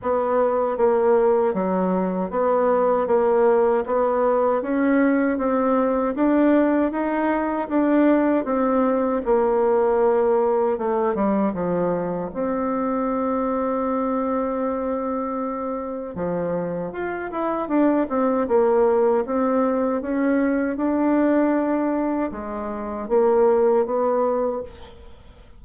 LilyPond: \new Staff \with { instrumentName = "bassoon" } { \time 4/4 \tempo 4 = 78 b4 ais4 fis4 b4 | ais4 b4 cis'4 c'4 | d'4 dis'4 d'4 c'4 | ais2 a8 g8 f4 |
c'1~ | c'4 f4 f'8 e'8 d'8 c'8 | ais4 c'4 cis'4 d'4~ | d'4 gis4 ais4 b4 | }